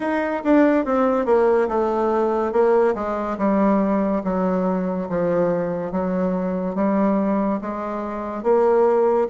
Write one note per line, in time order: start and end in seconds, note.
0.00 0.42 D#4
0.44 0.85 D4
0.85 1.25 C4
1.25 1.67 A#3
1.68 2.52 A3
2.52 2.94 A#3
2.94 3.36 G#3
3.38 4.22 G3
4.24 5.08 F#3
5.09 5.92 F3
5.92 6.75 F#3
6.75 7.59 G3
7.61 8.43 G#3
8.43 9.27 A#3